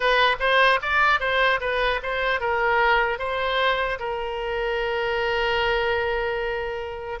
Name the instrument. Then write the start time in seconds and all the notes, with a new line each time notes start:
oboe
0.00 B4
0.39 C5
0.82 D5
1.19 C5
1.60 B4
2.02 C5
2.40 A#4
3.19 C5
3.99 A#4